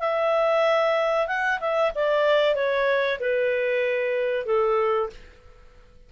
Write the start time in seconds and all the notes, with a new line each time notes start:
0.00 E5
1.28 F#5
1.60 E5
1.96 D5
2.55 C#5
3.20 B4
4.46 A4